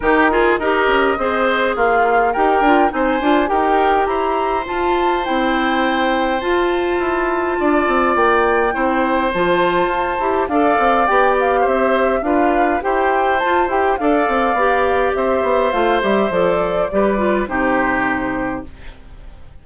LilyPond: <<
  \new Staff \with { instrumentName = "flute" } { \time 4/4 \tempo 4 = 103 ais'4 dis''2 f''4 | g''4 gis''4 g''4 ais''4 | a''4 g''2 a''4~ | a''2 g''2 |
a''2 f''4 g''8 f''8 | e''4 f''4 g''4 a''8 g''8 | f''2 e''4 f''8 e''8 | d''2 c''2 | }
  \new Staff \with { instrumentName = "oboe" } { \time 4/4 g'8 gis'8 ais'4 c''4 f'4 | ais'4 c''4 ais'4 c''4~ | c''1~ | c''4 d''2 c''4~ |
c''2 d''2 | c''4 b'4 c''2 | d''2 c''2~ | c''4 b'4 g'2 | }
  \new Staff \with { instrumentName = "clarinet" } { \time 4/4 dis'8 f'8 g'4 gis'2 | g'8 f'8 dis'8 f'8 g'2 | f'4 e'2 f'4~ | f'2. e'4 |
f'4. g'8 a'4 g'4~ | g'4 f'4 g'4 f'8 g'8 | a'4 g'2 f'8 g'8 | a'4 g'8 f'8 dis'2 | }
  \new Staff \with { instrumentName = "bassoon" } { \time 4/4 dis4 dis'8 cis'8 c'4 ais4 | dis'8 d'8 c'8 d'8 dis'4 e'4 | f'4 c'2 f'4 | e'4 d'8 c'8 ais4 c'4 |
f4 f'8 e'8 d'8 c'8 b4 | c'4 d'4 e'4 f'8 e'8 | d'8 c'8 b4 c'8 b8 a8 g8 | f4 g4 c2 | }
>>